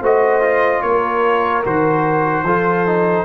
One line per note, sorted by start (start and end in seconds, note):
0.00 0.82 A3
0.00 0.41 F#4
0.00 0.81 C5
0.00 0.81 D#5
0.41 1.63 F4
0.81 1.64 A#3
0.81 2.45 A#4
0.81 1.62 C#5
1.64 2.43 D#3
1.64 2.45 F#4
1.64 3.24 C5
2.43 3.24 F3
2.43 2.86 F4
2.43 3.24 A4
2.86 3.24 D#4